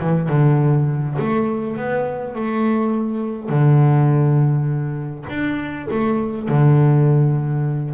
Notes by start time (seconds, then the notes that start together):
0.00 E3
0.29 D3
1.19 A3
1.77 B3
2.34 A3
3.49 D3
5.29 D4
5.91 A3
6.48 D3